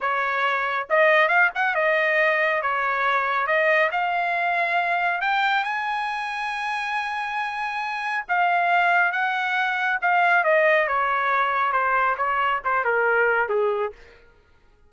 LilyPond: \new Staff \with { instrumentName = "trumpet" } { \time 4/4 \tempo 4 = 138 cis''2 dis''4 f''8 fis''8 | dis''2 cis''2 | dis''4 f''2. | g''4 gis''2.~ |
gis''2. f''4~ | f''4 fis''2 f''4 | dis''4 cis''2 c''4 | cis''4 c''8 ais'4. gis'4 | }